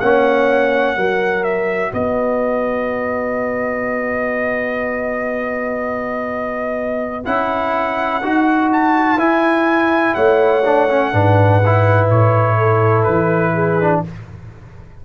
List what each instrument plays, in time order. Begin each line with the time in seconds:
0.00 tuba A#3, trombone C#4, horn C#5, trumpet F#5
0.97 tuba F#3, trombone F#4, horn A#4
1.44 trumpet E5
1.92 tuba B3, horn B4, trumpet D#5
7.25 tuba C#4, trombone E4, trumpet F#5
8.23 tuba D#4, trombone F#4
8.73 trumpet A5
9.17 tuba E4, trombone E4, trumpet G#5
10.15 tuba A3, horn C#5, trumpet F#5
10.65 trombone D4
10.90 trombone C#4
11.13 tuba G#2, trombone D4, horn B4
11.66 trombone E4
12.10 tuba A2, trumpet C#5
12.58 horn A4
13.04 tuba E3, trumpet B4
13.54 horn G#4
13.81 trombone D4